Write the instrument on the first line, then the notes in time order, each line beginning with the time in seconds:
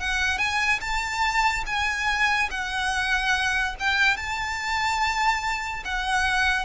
violin
0.00 F#5
0.38 G#5
0.81 A5
1.66 G#5
2.50 F#5
3.79 G5
4.17 A5
5.84 F#5